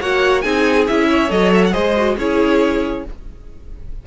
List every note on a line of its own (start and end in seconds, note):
0.00 0.44 A#3
0.00 0.42 F#4
0.00 0.43 C#5
0.00 0.41 F#5
0.41 0.88 C4
0.41 0.86 D#4
0.41 1.08 G#4
0.41 0.84 G#5
0.87 1.30 C#4
0.87 1.28 E4
0.87 1.30 E5
1.09 1.71 C#5
1.28 1.74 F#3
1.28 1.71 A4
1.28 1.52 D#5
1.53 1.64 E5
1.65 1.73 F#5
1.71 2.17 G#3
1.71 1.93 G#4
1.71 2.15 C5
1.71 2.16 D#5
1.96 2.18 F#4
2.17 3.04 C#4
2.17 3.06 E4
2.17 3.05 G#4
2.17 3.05 C#5